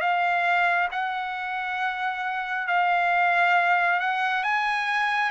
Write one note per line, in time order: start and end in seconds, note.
0.00 0.88 F5
0.91 2.67 F#5
2.67 3.99 F5
3.99 4.43 F#5
4.43 5.30 G#5